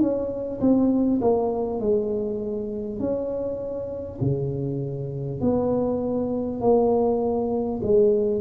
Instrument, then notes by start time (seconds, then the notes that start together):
tuba
0.00 C#4
0.60 C4
1.21 A#3
1.79 G#3
2.99 C#4
4.20 C#3
5.40 B3
6.61 A#3
7.83 G#3